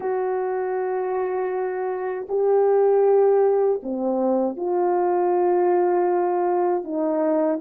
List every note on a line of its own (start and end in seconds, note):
0.00 2.26 F#4
2.28 3.80 G4
3.83 4.56 C4
4.56 6.84 F4
6.84 7.59 D#4